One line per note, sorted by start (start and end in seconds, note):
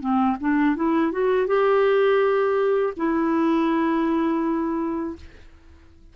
0.00 0.37 C4
0.40 0.76 D4
0.76 1.12 E4
1.12 1.47 F#4
1.47 2.94 G4
2.96 5.16 E4